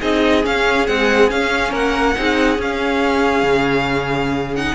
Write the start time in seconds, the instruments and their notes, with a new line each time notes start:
0.00 cello C4, viola D#4, violin G#4 D#5
0.43 viola C#4, cello C#4, violin F5
0.87 viola G#3, cello C4, violin F#5
1.29 viola C#4, cello C#4, violin F5
1.71 cello A#3, violin A#4 F#5
2.17 cello C4, viola D#4, violin G#4
2.57 viola C#4, cello C#4, violin F5
3.44 cello C#3
4.56 viola D#4, violin F#5